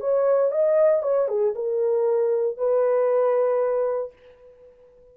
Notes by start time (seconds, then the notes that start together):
0.00 C#5
0.51 D#5
1.02 C#5
1.28 G#4
1.55 A#4
2.57 B4